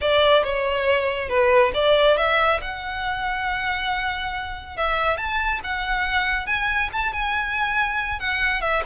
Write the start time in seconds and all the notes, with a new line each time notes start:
0.01 D5
0.43 C#5
1.28 B4
1.73 D5
2.17 E5
2.61 F#5
4.76 E5
5.17 A5
5.63 F#5
6.46 G#5
6.92 A5
7.12 G#5
8.19 F#5
8.61 E5